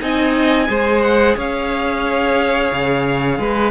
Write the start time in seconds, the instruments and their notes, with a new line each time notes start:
0.00 cello C4, viola D#4, violin D#5 G#5
0.67 cello G#3, viola G#4, violin C5
1.02 violin F#5
1.36 cello C#4, violin C#5 F5
2.71 cello C#3
3.38 cello G#3, violin B4